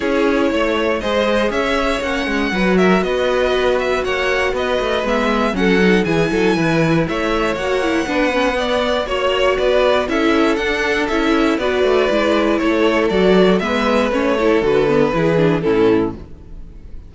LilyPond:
<<
  \new Staff \with { instrumentName = "violin" } { \time 4/4 \tempo 4 = 119 cis''2 dis''4 e''4 | fis''4. e''8 dis''4. e''8 | fis''4 dis''4 e''4 fis''4 | gis''2 e''4 fis''4~ |
fis''2 cis''4 d''4 | e''4 fis''4 e''4 d''4~ | d''4 cis''4 d''4 e''4 | cis''4 b'2 a'4 | }
  \new Staff \with { instrumentName = "violin" } { \time 4/4 gis'4 cis''4 c''4 cis''4~ | cis''4 b'8 ais'8 b'2 | cis''4 b'2 a'4 | gis'8 a'8 b'4 cis''2 |
b'4 d''4 cis''4 b'4 | a'2. b'4~ | b'4 a'2 b'4~ | b'8 a'4. gis'4 e'4 | }
  \new Staff \with { instrumentName = "viola" } { \time 4/4 e'2 gis'2 | cis'4 fis'2.~ | fis'2 b4 cis'8 dis'8 | e'2. fis'8 e'8 |
d'8 cis'8 b4 fis'2 | e'4 d'4 e'4 fis'4 | e'2 fis'4 b4 | cis'8 e'8 fis'8 b8 e'8 d'8 cis'4 | }
  \new Staff \with { instrumentName = "cello" } { \time 4/4 cis'4 a4 gis4 cis'4 | ais8 gis8 fis4 b2 | ais4 b8 a8 gis4 fis4 | e8 fis8 e4 a4 ais4 |
b2 ais4 b4 | cis'4 d'4 cis'4 b8 a8 | gis4 a4 fis4 gis4 | a4 d4 e4 a,4 | }
>>